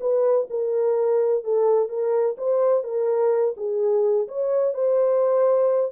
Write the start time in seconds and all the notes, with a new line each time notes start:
0.00 B4
0.50 A#4
1.44 A4
1.88 A#4
2.37 C5
2.83 A#4
3.56 G#4
4.28 C#5
4.74 C5